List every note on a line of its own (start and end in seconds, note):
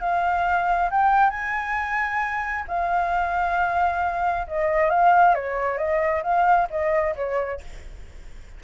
0.00 0.90 F5
0.91 1.30 G5
1.30 2.64 G#5
2.68 4.47 F5
4.47 4.90 D#5
4.90 5.34 F5
5.35 5.78 C#5
5.78 6.23 D#5
6.23 6.68 F5
6.70 7.15 D#5
7.16 7.60 C#5